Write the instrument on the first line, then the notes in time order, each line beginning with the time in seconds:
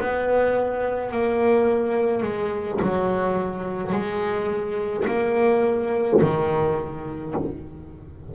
double bass
0.00 B3
1.11 A#3
2.23 G#3
2.82 F#3
3.93 G#3
5.07 A#3
6.22 D#3